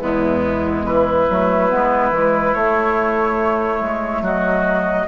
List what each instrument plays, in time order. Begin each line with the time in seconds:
0.00 bassoon E2, clarinet G#3, oboe B3, flute E4
0.85 bassoon E3, oboe E4, flute B4
1.30 bassoon F#3, clarinet A3
1.70 bassoon G#3, clarinet B3
2.11 bassoon E3, clarinet G#3
2.54 bassoon A3, clarinet A3, flute C#5
3.81 bassoon G#3
4.21 bassoon F#3, oboe F#4, flute D#5